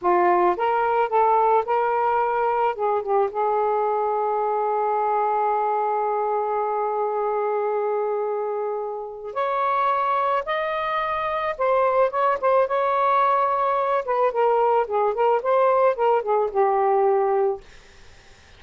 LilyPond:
\new Staff \with { instrumentName = "saxophone" } { \time 4/4 \tempo 4 = 109 f'4 ais'4 a'4 ais'4~ | ais'4 gis'8 g'8 gis'2~ | gis'1~ | gis'1~ |
gis'4 cis''2 dis''4~ | dis''4 c''4 cis''8 c''8 cis''4~ | cis''4. b'8 ais'4 gis'8 ais'8 | c''4 ais'8 gis'8 g'2 | }